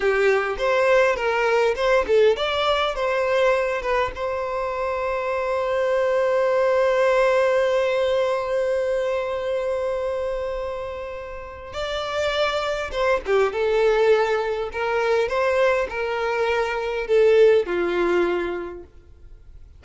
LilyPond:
\new Staff \with { instrumentName = "violin" } { \time 4/4 \tempo 4 = 102 g'4 c''4 ais'4 c''8 a'8 | d''4 c''4. b'8 c''4~ | c''1~ | c''1~ |
c''1 | d''2 c''8 g'8 a'4~ | a'4 ais'4 c''4 ais'4~ | ais'4 a'4 f'2 | }